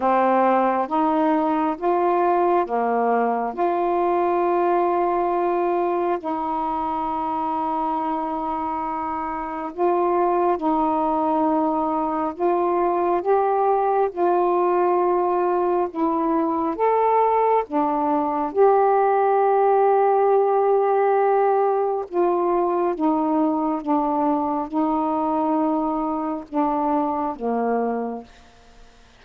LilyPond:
\new Staff \with { instrumentName = "saxophone" } { \time 4/4 \tempo 4 = 68 c'4 dis'4 f'4 ais4 | f'2. dis'4~ | dis'2. f'4 | dis'2 f'4 g'4 |
f'2 e'4 a'4 | d'4 g'2.~ | g'4 f'4 dis'4 d'4 | dis'2 d'4 ais4 | }